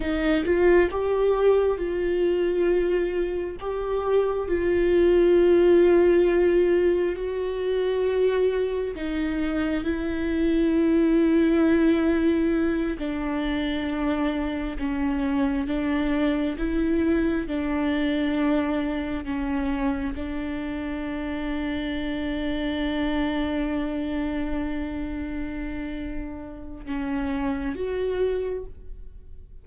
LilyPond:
\new Staff \with { instrumentName = "viola" } { \time 4/4 \tempo 4 = 67 dis'8 f'8 g'4 f'2 | g'4 f'2. | fis'2 dis'4 e'4~ | e'2~ e'8 d'4.~ |
d'8 cis'4 d'4 e'4 d'8~ | d'4. cis'4 d'4.~ | d'1~ | d'2 cis'4 fis'4 | }